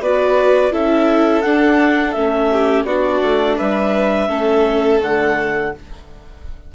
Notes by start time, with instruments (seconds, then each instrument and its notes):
0.00 bassoon B3, viola F#4, violin B4, clarinet D5
0.71 bassoon C#4, viola E4, violin A4, clarinet E5
1.41 viola D4, bassoon D4, clarinet F#5
2.12 bassoon A3, viola C#4, clarinet E5
2.52 violin G4
2.84 bassoon B3, viola D4, violin F#4, clarinet D5
3.22 bassoon A3
3.57 bassoon G3, violin B4, clarinet E5
4.28 bassoon A3, viola C#4, violin A4
5.00 bassoon D3, viola A3, clarinet F#5